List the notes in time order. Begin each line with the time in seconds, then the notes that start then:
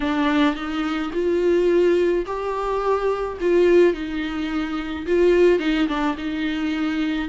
0.00 D4
0.55 D#4
1.13 F4
2.26 G4
3.41 F4
3.93 D#4
5.06 F4
5.59 D#4
5.88 D4
6.17 D#4